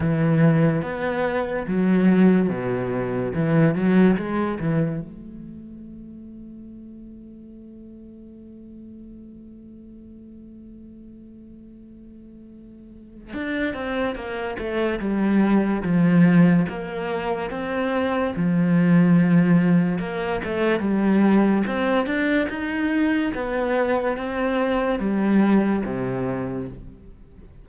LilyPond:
\new Staff \with { instrumentName = "cello" } { \time 4/4 \tempo 4 = 72 e4 b4 fis4 b,4 | e8 fis8 gis8 e8 a2~ | a1~ | a1 |
d'8 c'8 ais8 a8 g4 f4 | ais4 c'4 f2 | ais8 a8 g4 c'8 d'8 dis'4 | b4 c'4 g4 c4 | }